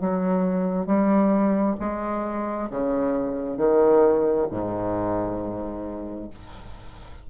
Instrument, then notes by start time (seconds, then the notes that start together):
bassoon
0.00 F#3
0.86 G3
1.80 G#3
2.70 C#3
3.57 D#3
4.51 G#2